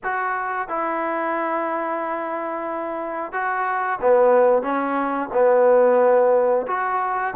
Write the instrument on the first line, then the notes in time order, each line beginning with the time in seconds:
trombone
0.03 F#4
0.68 E4
3.32 F#4
4.01 B3
4.62 C#4
5.33 B3
6.67 F#4